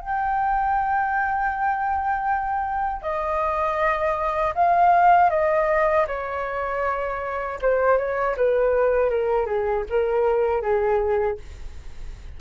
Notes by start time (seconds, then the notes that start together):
0.00 G5
3.02 D#5
4.54 F5
5.30 D#5
6.07 C#5
7.62 C5
7.97 C#5
8.36 B4
9.10 A#4
9.46 G#4
9.89 A#4
10.61 G#4